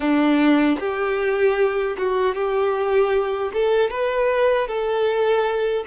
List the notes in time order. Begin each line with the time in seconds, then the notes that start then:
0.00 D4
0.79 G4
1.97 F#4
2.34 G4
3.53 A4
3.90 B4
4.67 A4